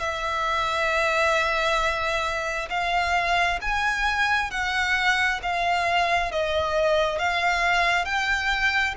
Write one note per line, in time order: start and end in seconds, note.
0.00 2.69 E5
2.70 3.60 F5
3.61 4.51 G#5
4.51 5.41 F#5
5.43 6.32 F5
6.32 7.19 D#5
7.19 8.06 F5
8.06 8.95 G5